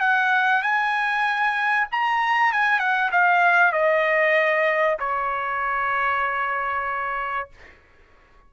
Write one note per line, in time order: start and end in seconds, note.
0.00 0.62 F#5
0.62 1.88 G#5
1.91 2.52 A#5
2.52 2.79 G#5
2.79 3.10 F#5
3.11 3.72 F5
3.72 4.97 D#5
4.99 7.49 C#5